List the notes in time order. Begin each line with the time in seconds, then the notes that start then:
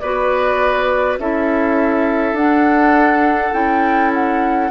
0.00 B3 F#4 B4 D5
1.18 C#4 E4 A4 E5
2.33 D4 F#5
3.53 C#4 E4 G5
4.14 F#5